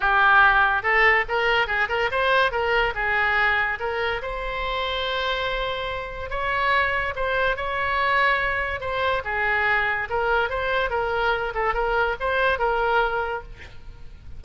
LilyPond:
\new Staff \with { instrumentName = "oboe" } { \time 4/4 \tempo 4 = 143 g'2 a'4 ais'4 | gis'8 ais'8 c''4 ais'4 gis'4~ | gis'4 ais'4 c''2~ | c''2. cis''4~ |
cis''4 c''4 cis''2~ | cis''4 c''4 gis'2 | ais'4 c''4 ais'4. a'8 | ais'4 c''4 ais'2 | }